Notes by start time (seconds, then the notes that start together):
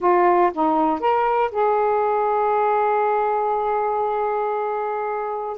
0.00 F4
0.53 D#4
0.99 A#4
1.51 G#4